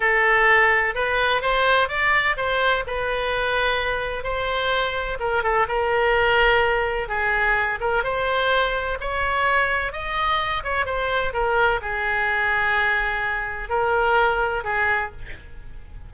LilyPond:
\new Staff \with { instrumentName = "oboe" } { \time 4/4 \tempo 4 = 127 a'2 b'4 c''4 | d''4 c''4 b'2~ | b'4 c''2 ais'8 a'8 | ais'2. gis'4~ |
gis'8 ais'8 c''2 cis''4~ | cis''4 dis''4. cis''8 c''4 | ais'4 gis'2.~ | gis'4 ais'2 gis'4 | }